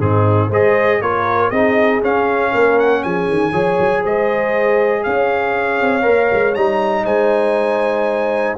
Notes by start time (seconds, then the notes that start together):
0.00 G#2 C4 D#4 G#4
0.49 G#3 G#4 C5 D#5
1.01 A#3 F4 A#4 C#5
1.51 C4 D#4 G#4 D#5
2.03 C#4 F5
2.53 A#3 A#4
2.79 F#5
3.03 F3 G#4 G#5
3.28 D#3
3.52 F3 G#4 C#5
3.80 F#3
4.02 G#3 C5 D#5
5.04 C#4 C#5 F5
5.81 C4
6.02 A#3 A#4
6.33 G#3
6.55 G3 D#4 A#5
7.05 G#3 C5 G#5